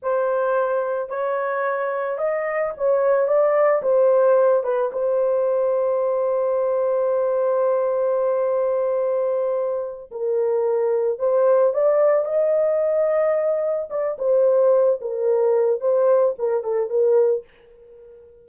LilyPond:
\new Staff \with { instrumentName = "horn" } { \time 4/4 \tempo 4 = 110 c''2 cis''2 | dis''4 cis''4 d''4 c''4~ | c''8 b'8 c''2.~ | c''1~ |
c''2~ c''8 ais'4.~ | ais'8 c''4 d''4 dis''4.~ | dis''4. d''8 c''4. ais'8~ | ais'4 c''4 ais'8 a'8 ais'4 | }